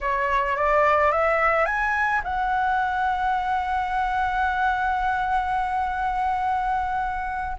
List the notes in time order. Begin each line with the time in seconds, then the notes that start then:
0.00 C#5
0.56 D5
1.11 E5
1.65 G#5
2.24 F#5